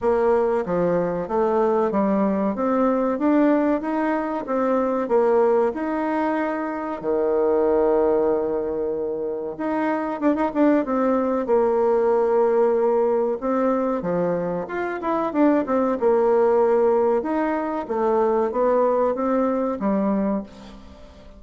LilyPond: \new Staff \with { instrumentName = "bassoon" } { \time 4/4 \tempo 4 = 94 ais4 f4 a4 g4 | c'4 d'4 dis'4 c'4 | ais4 dis'2 dis4~ | dis2. dis'4 |
d'16 dis'16 d'8 c'4 ais2~ | ais4 c'4 f4 f'8 e'8 | d'8 c'8 ais2 dis'4 | a4 b4 c'4 g4 | }